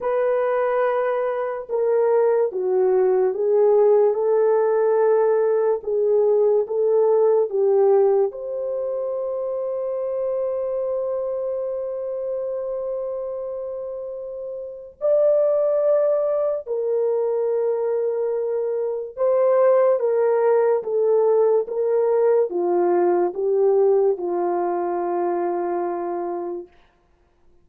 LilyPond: \new Staff \with { instrumentName = "horn" } { \time 4/4 \tempo 4 = 72 b'2 ais'4 fis'4 | gis'4 a'2 gis'4 | a'4 g'4 c''2~ | c''1~ |
c''2 d''2 | ais'2. c''4 | ais'4 a'4 ais'4 f'4 | g'4 f'2. | }